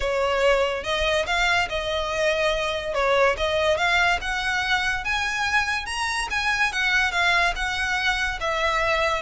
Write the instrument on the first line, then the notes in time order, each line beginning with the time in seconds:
violin
0.00 C#5
0.83 D#5
1.26 F5
1.69 D#5
2.94 C#5
3.37 D#5
3.77 F5
4.21 F#5
5.04 G#5
5.86 A#5
6.30 G#5
6.72 F#5
7.11 F5
7.55 F#5
8.40 E5